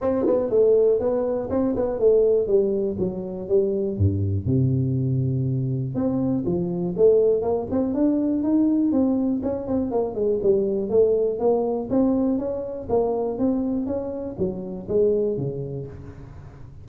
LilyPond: \new Staff \with { instrumentName = "tuba" } { \time 4/4 \tempo 4 = 121 c'8 b8 a4 b4 c'8 b8 | a4 g4 fis4 g4 | g,4 c2. | c'4 f4 a4 ais8 c'8 |
d'4 dis'4 c'4 cis'8 c'8 | ais8 gis8 g4 a4 ais4 | c'4 cis'4 ais4 c'4 | cis'4 fis4 gis4 cis4 | }